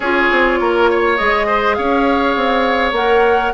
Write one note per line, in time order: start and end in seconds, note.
0.00 0.29 C#4
0.00 1.18 F4
0.00 0.59 G#4
0.00 1.16 C#5
0.31 0.60 C4
0.60 1.18 A#3
0.60 0.90 A#4
0.90 1.46 C#5
1.16 1.77 G#3
1.16 2.95 G#4
1.16 1.74 D#5
1.46 1.76 C5
1.74 2.36 C#4
1.74 3.53 C#5
1.74 2.92 F5
2.36 2.92 C4
2.92 3.51 A#3
2.92 3.53 A#4
2.92 3.53 F#5